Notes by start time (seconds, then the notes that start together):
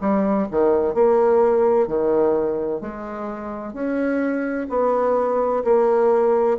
0.00 G3
0.51 D#3
0.94 A#3
1.87 D#3
2.81 G#3
3.73 C#4
4.69 B3
5.64 A#3